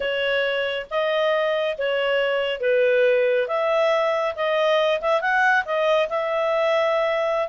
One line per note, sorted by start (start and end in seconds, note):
0.00 0.86 C#5
0.90 1.77 D#5
1.77 2.60 C#5
2.60 3.47 B4
3.47 4.34 E5
4.35 5.01 D#5
5.01 5.21 E5
5.21 5.64 F#5
5.65 6.08 D#5
6.09 7.48 E5